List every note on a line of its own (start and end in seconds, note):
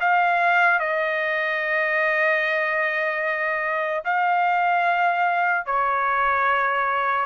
0.00 0.79 F5
0.79 4.04 D#5
4.04 5.65 F5
5.65 7.25 C#5